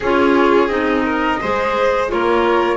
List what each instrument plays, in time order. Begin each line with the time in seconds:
0.00 double bass C#4, clarinet F4, violin G#4, flute C#5
0.67 double bass C4, clarinet D#4, flute D#5
1.04 violin A#4
1.41 double bass G#3, clarinet G#4, violin C5
2.08 double bass A#3, clarinet F4, violin A#4, flute C#5